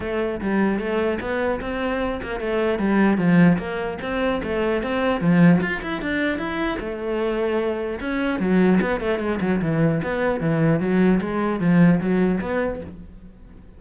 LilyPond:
\new Staff \with { instrumentName = "cello" } { \time 4/4 \tempo 4 = 150 a4 g4 a4 b4 | c'4. ais8 a4 g4 | f4 ais4 c'4 a4 | c'4 f4 f'8 e'8 d'4 |
e'4 a2. | cis'4 fis4 b8 a8 gis8 fis8 | e4 b4 e4 fis4 | gis4 f4 fis4 b4 | }